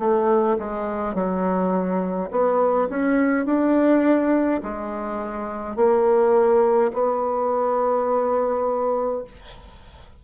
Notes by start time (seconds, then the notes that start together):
0.00 A3
0.59 G#3
1.15 F#3
2.31 B3
2.90 C#4
3.46 D4
4.63 G#3
5.76 A#3
6.93 B3